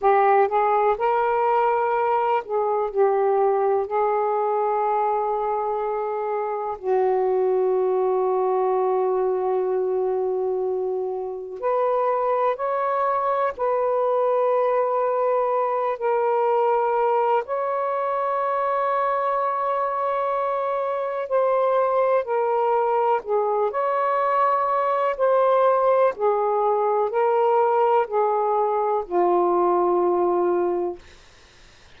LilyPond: \new Staff \with { instrumentName = "saxophone" } { \time 4/4 \tempo 4 = 62 g'8 gis'8 ais'4. gis'8 g'4 | gis'2. fis'4~ | fis'1 | b'4 cis''4 b'2~ |
b'8 ais'4. cis''2~ | cis''2 c''4 ais'4 | gis'8 cis''4. c''4 gis'4 | ais'4 gis'4 f'2 | }